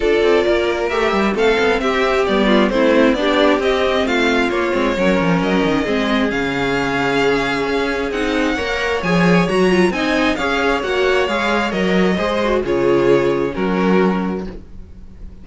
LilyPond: <<
  \new Staff \with { instrumentName = "violin" } { \time 4/4 \tempo 4 = 133 d''2 e''4 f''4 | e''4 d''4 c''4 d''4 | dis''4 f''4 cis''2 | dis''2 f''2~ |
f''2 fis''2 | gis''4 ais''4 gis''4 f''4 | fis''4 f''4 dis''2 | cis''2 ais'2 | }
  \new Staff \with { instrumentName = "violin" } { \time 4/4 a'4 ais'2 a'4 | g'4. f'8 e'4 g'4~ | g'4 f'2 ais'4~ | ais'4 gis'2.~ |
gis'2. cis''4~ | cis''2 dis''4 cis''4~ | cis''2. c''4 | gis'2 fis'2 | }
  \new Staff \with { instrumentName = "viola" } { \time 4/4 f'2 g'4 c'4~ | c'4 b4 c'4 d'4 | c'2 ais8 c'8 cis'4~ | cis'4 c'4 cis'2~ |
cis'2 dis'4 ais'4 | gis'4 fis'8 f'8 dis'4 gis'4 | fis'4 gis'4 ais'4 gis'8 fis'8 | f'2 cis'2 | }
  \new Staff \with { instrumentName = "cello" } { \time 4/4 d'8 c'8 ais4 a8 g8 a8 b8 | c'4 g4 a4 b4 | c'4 a4 ais8 gis8 fis8 f8 | fis8 dis8 gis4 cis2~ |
cis4 cis'4 c'4 ais4 | f4 fis4 c'4 cis'4 | ais4 gis4 fis4 gis4 | cis2 fis2 | }
>>